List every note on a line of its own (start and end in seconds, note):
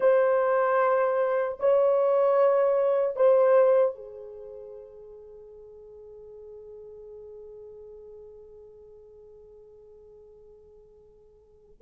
0.00 1.58 C5
1.59 3.16 C#5
3.16 3.95 C5
3.95 11.81 G#4